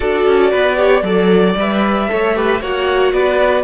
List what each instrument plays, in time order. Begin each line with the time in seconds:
0.00 cello D4, viola F#4, violin A4 D5
0.26 cello C#4
0.50 cello B3, violin B4
0.76 viola G4, violin C#5
1.02 cello F#3, viola A4, violin D5
1.56 cello G3, viola B4, violin E5
2.08 cello A3, viola A4, violin C#5
2.35 viola G4, violin B4
2.60 cello A#3, viola F#4, violin C#5 F#5
3.12 cello B3, violin B4 D5